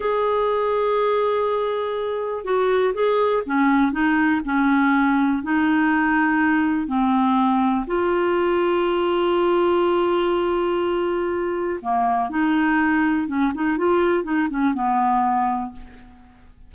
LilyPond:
\new Staff \with { instrumentName = "clarinet" } { \time 4/4 \tempo 4 = 122 gis'1~ | gis'4 fis'4 gis'4 cis'4 | dis'4 cis'2 dis'4~ | dis'2 c'2 |
f'1~ | f'1 | ais4 dis'2 cis'8 dis'8 | f'4 dis'8 cis'8 b2 | }